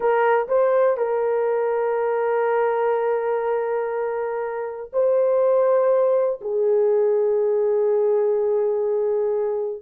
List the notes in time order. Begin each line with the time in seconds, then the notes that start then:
0.00 A#4
0.48 C5
0.97 A#4
4.92 C5
6.41 G#4